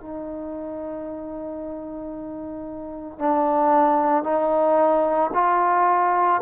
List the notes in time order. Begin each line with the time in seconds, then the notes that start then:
0.00 D#4
3.19 D4
4.23 D#4
5.34 F4